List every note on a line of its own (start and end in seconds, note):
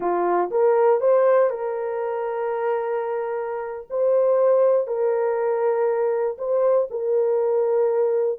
0.00 0.50 F4
0.50 1.00 A#4
1.00 1.50 C5
1.50 3.87 A#4
3.90 4.87 C5
4.87 6.37 A#4
6.38 6.88 C5
6.90 8.39 A#4